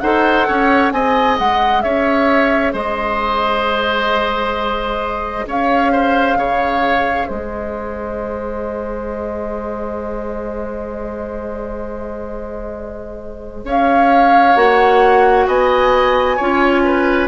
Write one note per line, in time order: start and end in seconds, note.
0.00 0.47 D#4
0.00 0.92 A4
0.00 0.47 C5
0.00 0.91 F#5
0.47 0.92 C#4
0.47 0.93 C#5
0.92 1.38 C4
0.92 14.55 G#4
0.92 1.83 D#5
0.92 1.37 G#5
1.39 1.84 G#3
1.39 1.81 F#5
1.81 2.73 C#4
1.81 2.73 C#5
1.81 2.72 E5
2.73 5.46 G#3
2.73 5.45 C5
2.73 5.47 D#5
5.46 6.35 C#4
5.46 5.92 C#5
5.46 7.28 F5
5.92 6.37 C5
6.35 7.26 C#3
6.35 7.28 C#5
7.28 13.64 G#3
7.28 13.64 C5
7.28 13.65 D#5
13.64 14.55 C#4
13.64 15.47 C#5
13.64 14.56 F5
14.55 15.46 A#3
14.55 16.37 F#4
14.55 15.47 F#5
15.47 16.38 B3
15.47 16.36 D#5
15.47 17.28 G#5
16.36 17.28 C#4
16.36 17.28 F4
16.36 16.82 C#5
16.84 17.28 B4